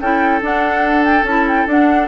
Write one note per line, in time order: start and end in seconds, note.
0.00 0.41 C#4
0.00 0.41 E4
0.00 2.07 A4
0.00 0.42 G5
0.41 1.23 D4
0.41 1.25 D4
0.41 1.04 F#5
1.04 1.25 G5
1.23 1.65 C#4
1.23 1.68 E4
1.23 1.47 A5
1.47 1.68 G5
1.66 2.07 D4
1.66 2.07 F#5